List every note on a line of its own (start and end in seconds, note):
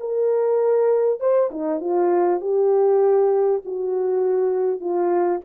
0.00 1.20 A#4
1.20 1.50 C5
1.51 1.81 D#4
1.81 2.41 F4
2.41 3.62 G4
3.66 4.80 F#4
4.80 5.41 F4